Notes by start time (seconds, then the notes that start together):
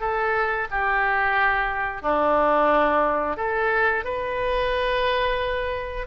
0.00 A4
0.70 G4
2.02 D4
3.36 A4
4.04 B4